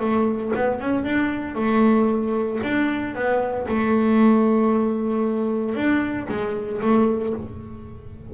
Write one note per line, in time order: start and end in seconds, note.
0.00 0.52 A3
0.55 0.81 B3
0.81 1.04 C#4
1.04 1.56 D4
1.56 2.60 A3
2.63 3.15 D4
3.15 3.67 B3
3.68 5.75 A3
5.75 6.28 D4
6.29 6.81 G#3
6.82 7.34 A3